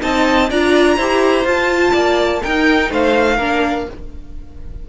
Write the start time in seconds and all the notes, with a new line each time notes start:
0.00 C4 D#4 D#5 A5
0.50 D4 F4 D5 A#5
0.96 E4 G4 C5
1.44 F4 A5
1.92 A#3 D5
2.42 D#4 A#4 G5
2.90 A3 C5 F5
3.36 A#3 D4 A#4